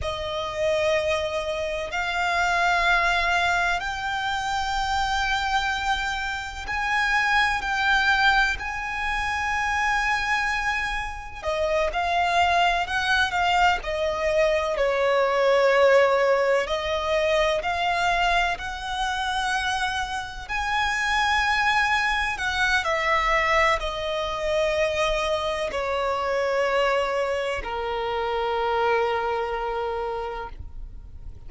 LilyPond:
\new Staff \with { instrumentName = "violin" } { \time 4/4 \tempo 4 = 63 dis''2 f''2 | g''2. gis''4 | g''4 gis''2. | dis''8 f''4 fis''8 f''8 dis''4 cis''8~ |
cis''4. dis''4 f''4 fis''8~ | fis''4. gis''2 fis''8 | e''4 dis''2 cis''4~ | cis''4 ais'2. | }